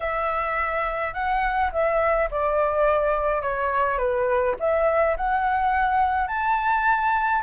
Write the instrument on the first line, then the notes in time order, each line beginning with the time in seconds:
flute
0.00 E5
1.13 F#5
1.72 E5
2.30 D5
3.41 C#5
3.98 B4
4.59 E5
5.16 F#5
6.27 A5